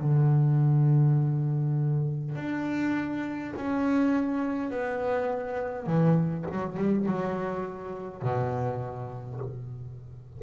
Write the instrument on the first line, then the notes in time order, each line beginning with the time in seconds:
double bass
0.00 D3
2.35 D4
3.56 C#4
4.71 B3
5.86 E3
6.51 F#3
6.77 G3
7.06 F#3
8.22 B2